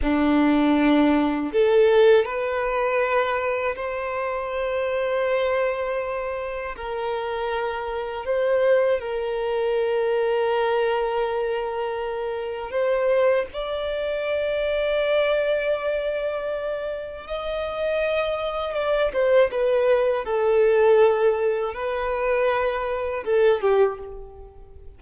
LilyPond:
\new Staff \with { instrumentName = "violin" } { \time 4/4 \tempo 4 = 80 d'2 a'4 b'4~ | b'4 c''2.~ | c''4 ais'2 c''4 | ais'1~ |
ais'4 c''4 d''2~ | d''2. dis''4~ | dis''4 d''8 c''8 b'4 a'4~ | a'4 b'2 a'8 g'8 | }